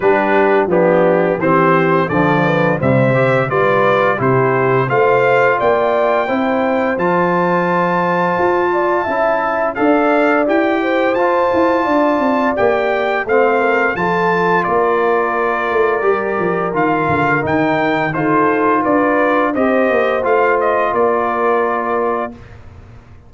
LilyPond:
<<
  \new Staff \with { instrumentName = "trumpet" } { \time 4/4 \tempo 4 = 86 b'4 g'4 c''4 d''4 | e''4 d''4 c''4 f''4 | g''2 a''2~ | a''2 f''4 g''4 |
a''2 g''4 f''4 | a''4 d''2. | f''4 g''4 c''4 d''4 | dis''4 f''8 dis''8 d''2 | }
  \new Staff \with { instrumentName = "horn" } { \time 4/4 g'4 d'4 g'4 a'8 b'8 | c''4 b'4 g'4 c''4 | d''4 c''2.~ | c''8 d''8 e''4 d''4. c''8~ |
c''4 d''2 c''8 ais'8 | a'4 ais'2.~ | ais'2 a'4 b'4 | c''2 ais'2 | }
  \new Staff \with { instrumentName = "trombone" } { \time 4/4 d'4 b4 c'4 f4 | g8 g'8 f'4 e'4 f'4~ | f'4 e'4 f'2~ | f'4 e'4 a'4 g'4 |
f'2 g'4 c'4 | f'2. g'4 | f'4 dis'4 f'2 | g'4 f'2. | }
  \new Staff \with { instrumentName = "tuba" } { \time 4/4 g4 f4 e4 d4 | c4 g4 c4 a4 | ais4 c'4 f2 | f'4 cis'4 d'4 e'4 |
f'8 e'8 d'8 c'8 ais4 a4 | f4 ais4. a8 g8 f8 | dis8 d8 dis4 dis'4 d'4 | c'8 ais8 a4 ais2 | }
>>